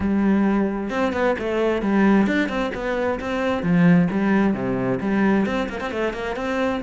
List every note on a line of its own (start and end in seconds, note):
0.00 0.90 G3
0.90 1.12 C4
1.13 1.35 B3
1.38 1.82 A3
1.82 2.26 G3
2.26 2.48 D4
2.48 2.71 C4
2.74 3.19 B3
3.20 3.62 C4
3.62 4.08 F3
4.10 4.54 G3
4.54 4.99 C3
5.00 5.45 G3
5.45 5.68 C4
5.69 5.80 A#3
5.80 5.91 C4
5.91 6.13 A3
6.13 6.36 A#3
6.36 6.81 C4